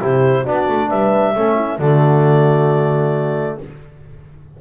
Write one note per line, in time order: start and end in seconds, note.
0.00 0.46 C3
0.00 0.45 E4
0.00 0.43 G4
0.00 0.46 C5
0.43 0.68 B3
0.43 1.35 D4
0.43 0.88 F#4
0.43 0.89 D5
0.68 0.90 A3
0.88 1.35 G3
0.88 1.33 B4
0.88 1.79 E5
1.35 1.78 A3
1.35 1.80 C#4
1.35 1.55 A4
1.55 1.77 E4
1.78 3.57 D3
1.78 3.61 A3
1.78 3.58 F#4
1.78 3.58 D5